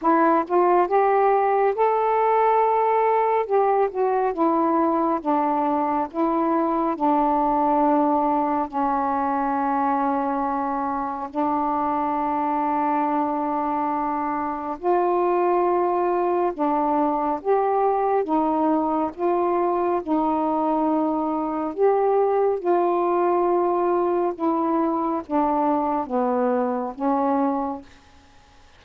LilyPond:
\new Staff \with { instrumentName = "saxophone" } { \time 4/4 \tempo 4 = 69 e'8 f'8 g'4 a'2 | g'8 fis'8 e'4 d'4 e'4 | d'2 cis'2~ | cis'4 d'2.~ |
d'4 f'2 d'4 | g'4 dis'4 f'4 dis'4~ | dis'4 g'4 f'2 | e'4 d'4 b4 cis'4 | }